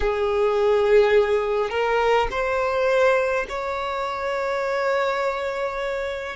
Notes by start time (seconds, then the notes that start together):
0.00 G#4
1.69 A#4
2.30 C5
3.48 C#5